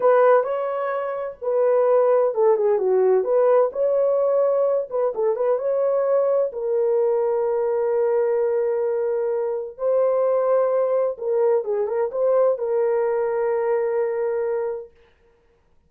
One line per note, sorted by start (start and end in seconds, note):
0.00 0.43 B4
0.43 1.36 C#5
1.41 2.34 B4
2.34 2.56 A4
2.56 2.78 G#4
2.78 3.23 F#4
3.23 3.70 B4
3.72 4.88 C#5
4.90 5.13 B4
5.14 5.36 A4
5.36 5.58 B4
5.58 6.51 C#5
6.52 9.77 A#4
9.77 11.16 C5
11.18 11.64 A#4
11.64 11.87 G#4
11.87 12.10 A#4
12.11 12.58 C5
12.58 14.90 A#4